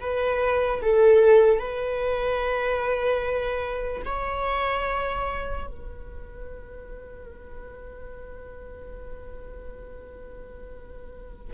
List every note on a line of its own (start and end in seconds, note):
0.00 0.81 B4
0.82 1.59 A4
1.59 4.02 B4
4.05 5.66 C#5
5.66 11.54 B4